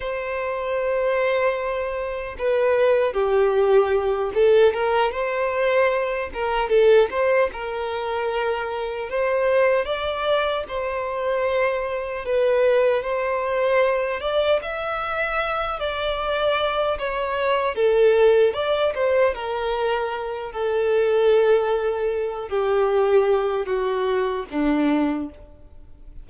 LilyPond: \new Staff \with { instrumentName = "violin" } { \time 4/4 \tempo 4 = 76 c''2. b'4 | g'4. a'8 ais'8 c''4. | ais'8 a'8 c''8 ais'2 c''8~ | c''8 d''4 c''2 b'8~ |
b'8 c''4. d''8 e''4. | d''4. cis''4 a'4 d''8 | c''8 ais'4. a'2~ | a'8 g'4. fis'4 d'4 | }